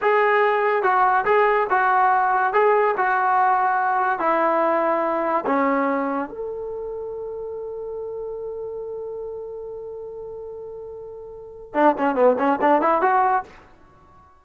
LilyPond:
\new Staff \with { instrumentName = "trombone" } { \time 4/4 \tempo 4 = 143 gis'2 fis'4 gis'4 | fis'2 gis'4 fis'4~ | fis'2 e'2~ | e'4 cis'2 a'4~ |
a'1~ | a'1~ | a'1 | d'8 cis'8 b8 cis'8 d'8 e'8 fis'4 | }